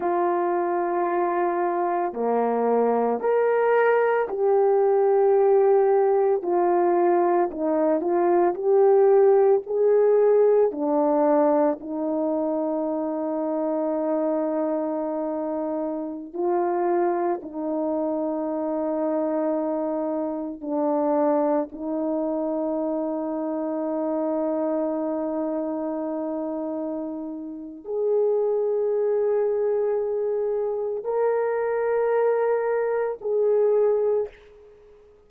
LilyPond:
\new Staff \with { instrumentName = "horn" } { \time 4/4 \tempo 4 = 56 f'2 ais4 ais'4 | g'2 f'4 dis'8 f'8 | g'4 gis'4 d'4 dis'4~ | dis'2.~ dis'16 f'8.~ |
f'16 dis'2. d'8.~ | d'16 dis'2.~ dis'8.~ | dis'2 gis'2~ | gis'4 ais'2 gis'4 | }